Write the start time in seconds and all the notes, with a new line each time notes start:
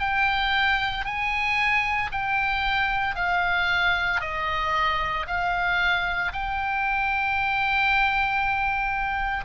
0.00 G5
1.05 G#5
2.12 G5
3.15 F5
4.21 D#5
5.27 F5
6.33 G5